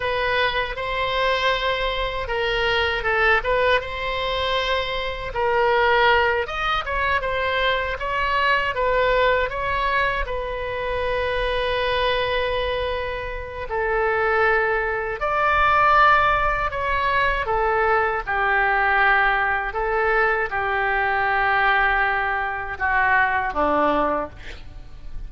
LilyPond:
\new Staff \with { instrumentName = "oboe" } { \time 4/4 \tempo 4 = 79 b'4 c''2 ais'4 | a'8 b'8 c''2 ais'4~ | ais'8 dis''8 cis''8 c''4 cis''4 b'8~ | b'8 cis''4 b'2~ b'8~ |
b'2 a'2 | d''2 cis''4 a'4 | g'2 a'4 g'4~ | g'2 fis'4 d'4 | }